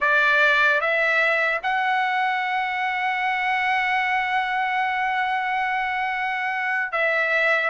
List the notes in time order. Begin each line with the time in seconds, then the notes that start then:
0.00 D5
0.80 E5
1.62 F#5
6.92 E5